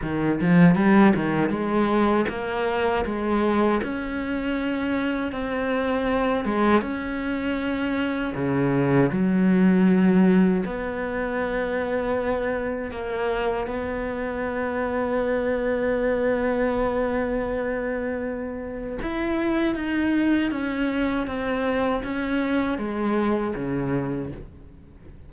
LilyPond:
\new Staff \with { instrumentName = "cello" } { \time 4/4 \tempo 4 = 79 dis8 f8 g8 dis8 gis4 ais4 | gis4 cis'2 c'4~ | c'8 gis8 cis'2 cis4 | fis2 b2~ |
b4 ais4 b2~ | b1~ | b4 e'4 dis'4 cis'4 | c'4 cis'4 gis4 cis4 | }